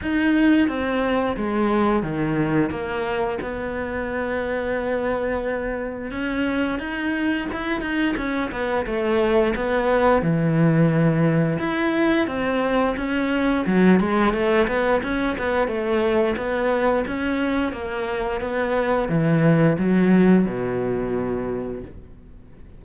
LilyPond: \new Staff \with { instrumentName = "cello" } { \time 4/4 \tempo 4 = 88 dis'4 c'4 gis4 dis4 | ais4 b2.~ | b4 cis'4 dis'4 e'8 dis'8 | cis'8 b8 a4 b4 e4~ |
e4 e'4 c'4 cis'4 | fis8 gis8 a8 b8 cis'8 b8 a4 | b4 cis'4 ais4 b4 | e4 fis4 b,2 | }